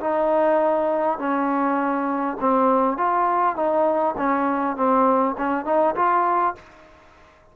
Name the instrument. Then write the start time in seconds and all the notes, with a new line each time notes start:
trombone
0.00 D#4
1.19 C#4
2.40 C4
2.98 F4
3.56 D#4
4.17 C#4
4.76 C4
5.38 C#4
5.65 D#4
5.95 F4